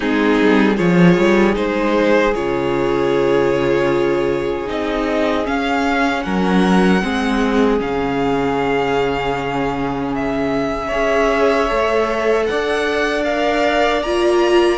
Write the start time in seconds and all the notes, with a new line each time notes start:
0.00 G#3 C4 D#4 G#4
0.41 G3
0.76 F3 F4 G#4 C#5
1.17 G3
1.53 G#3 D#4 C5
2.34 C#3 F4 C#5
4.65 C4 D#4 D#5
5.44 C#4 F5
6.23 F#3 A#4 F#5
7.02 G#3 C4 G#4
7.79 C#3 C#4 F5
10.14 E5
10.87 C#4 G#4 C#5
11.68 A3 A4
12.45 D4 D5 F#5
13.24 A#4 F5
14.01 A#3 F4 A#5